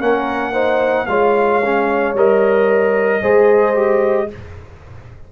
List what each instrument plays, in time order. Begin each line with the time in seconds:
0.00 tuba A#3, trombone C#4, horn A#4, trumpet F#5
0.53 trombone D#4, horn C5
1.06 tuba G#3, trombone F4, horn C#5, trumpet F5
1.65 trombone C#4
2.14 tuba G3, trombone A#4, trumpet D#5
3.22 tuba G#3, trombone G#4, horn C5
3.75 trombone G4